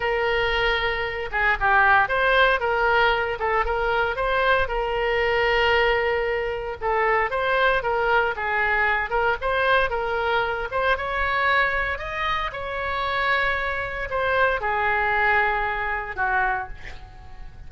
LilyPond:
\new Staff \with { instrumentName = "oboe" } { \time 4/4 \tempo 4 = 115 ais'2~ ais'8 gis'8 g'4 | c''4 ais'4. a'8 ais'4 | c''4 ais'2.~ | ais'4 a'4 c''4 ais'4 |
gis'4. ais'8 c''4 ais'4~ | ais'8 c''8 cis''2 dis''4 | cis''2. c''4 | gis'2. fis'4 | }